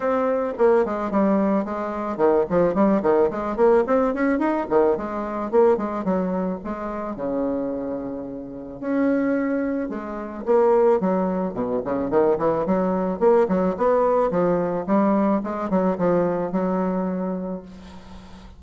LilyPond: \new Staff \with { instrumentName = "bassoon" } { \time 4/4 \tempo 4 = 109 c'4 ais8 gis8 g4 gis4 | dis8 f8 g8 dis8 gis8 ais8 c'8 cis'8 | dis'8 dis8 gis4 ais8 gis8 fis4 | gis4 cis2. |
cis'2 gis4 ais4 | fis4 b,8 cis8 dis8 e8 fis4 | ais8 fis8 b4 f4 g4 | gis8 fis8 f4 fis2 | }